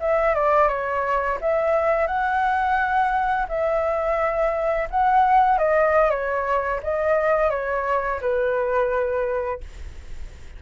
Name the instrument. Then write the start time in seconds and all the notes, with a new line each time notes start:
flute
0.00 E5
0.35 D5
0.68 C#5
1.41 E5
2.07 F#5
3.49 E5
4.90 F#5
5.58 D#5
6.10 C#5
6.83 D#5
7.50 C#5
8.21 B4